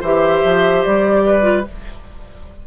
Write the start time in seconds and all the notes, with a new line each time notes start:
0.00 E3 G4 C5 E5
0.44 F3
0.83 G3 D5
1.26 B4
1.42 F4